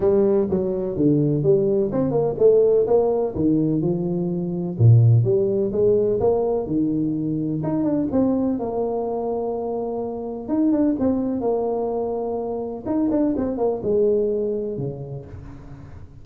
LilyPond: \new Staff \with { instrumentName = "tuba" } { \time 4/4 \tempo 4 = 126 g4 fis4 d4 g4 | c'8 ais8 a4 ais4 dis4 | f2 ais,4 g4 | gis4 ais4 dis2 |
dis'8 d'8 c'4 ais2~ | ais2 dis'8 d'8 c'4 | ais2. dis'8 d'8 | c'8 ais8 gis2 cis4 | }